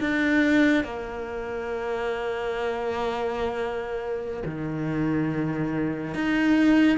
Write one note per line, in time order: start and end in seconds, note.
0.00 0.84 D4
0.84 4.43 A#3
4.45 6.14 D#3
6.14 6.98 D#4